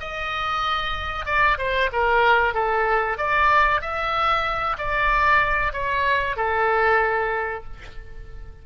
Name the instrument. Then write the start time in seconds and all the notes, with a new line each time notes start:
oboe
0.00 D#5
1.25 D5
1.58 C5
1.92 A#4
2.54 A4
3.17 D5
3.81 E5
4.78 D5
5.73 C#5
6.36 A4